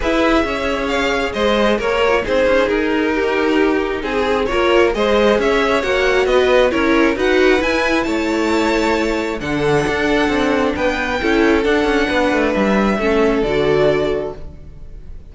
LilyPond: <<
  \new Staff \with { instrumentName = "violin" } { \time 4/4 \tempo 4 = 134 e''2 f''4 dis''4 | cis''4 c''4 ais'2~ | ais'4 gis'4 cis''4 dis''4 | e''4 fis''4 dis''4 cis''4 |
fis''4 gis''4 a''2~ | a''4 fis''2. | g''2 fis''2 | e''2 d''2 | }
  \new Staff \with { instrumentName = "violin" } { \time 4/4 b'4 cis''2 c''4 | ais'4 gis'2 g'4~ | g'4 gis'4 ais'4 c''4 | cis''2 b'4 ais'4 |
b'2 cis''2~ | cis''4 a'2. | b'4 a'2 b'4~ | b'4 a'2. | }
  \new Staff \with { instrumentName = "viola" } { \time 4/4 gis'1~ | gis'8 g'16 f'16 dis'2.~ | dis'2 f'4 gis'4~ | gis'4 fis'2 e'4 |
fis'4 e'2.~ | e'4 d'2.~ | d'4 e'4 d'2~ | d'4 cis'4 fis'2 | }
  \new Staff \with { instrumentName = "cello" } { \time 4/4 e'4 cis'2 gis4 | ais4 c'8 cis'8 dis'2~ | dis'4 c'4 ais4 gis4 | cis'4 ais4 b4 cis'4 |
dis'4 e'4 a2~ | a4 d4 d'4 c'4 | b4 cis'4 d'8 cis'8 b8 a8 | g4 a4 d2 | }
>>